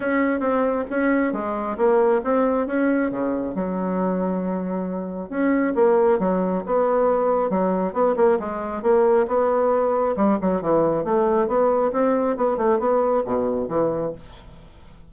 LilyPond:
\new Staff \with { instrumentName = "bassoon" } { \time 4/4 \tempo 4 = 136 cis'4 c'4 cis'4 gis4 | ais4 c'4 cis'4 cis4 | fis1 | cis'4 ais4 fis4 b4~ |
b4 fis4 b8 ais8 gis4 | ais4 b2 g8 fis8 | e4 a4 b4 c'4 | b8 a8 b4 b,4 e4 | }